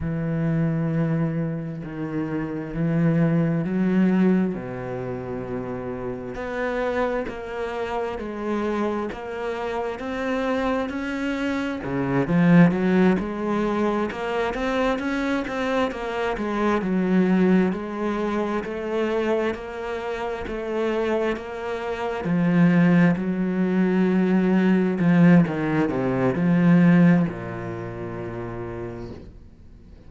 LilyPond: \new Staff \with { instrumentName = "cello" } { \time 4/4 \tempo 4 = 66 e2 dis4 e4 | fis4 b,2 b4 | ais4 gis4 ais4 c'4 | cis'4 cis8 f8 fis8 gis4 ais8 |
c'8 cis'8 c'8 ais8 gis8 fis4 gis8~ | gis8 a4 ais4 a4 ais8~ | ais8 f4 fis2 f8 | dis8 c8 f4 ais,2 | }